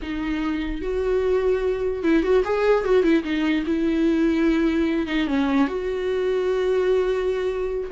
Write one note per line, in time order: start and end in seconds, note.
0.02 0.81 D#4
0.81 2.03 F#4
2.03 2.22 E4
2.22 2.43 F#4
2.44 2.84 G#4
2.84 3.03 F#4
3.03 3.23 E4
3.23 3.64 D#4
3.66 5.06 E4
5.06 5.27 D#4
5.27 5.67 C#4
5.67 7.90 F#4